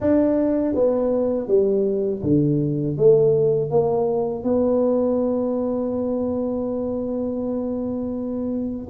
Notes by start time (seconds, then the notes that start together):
0.00 D4
0.74 B3
1.47 G3
2.22 D3
2.96 A3
3.70 A#3
4.43 B3